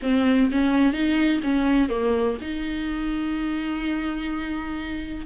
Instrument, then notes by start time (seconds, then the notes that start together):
viola
0.02 C4
0.51 C#4
0.93 D#4
1.43 C#4
1.89 A#3
2.41 D#4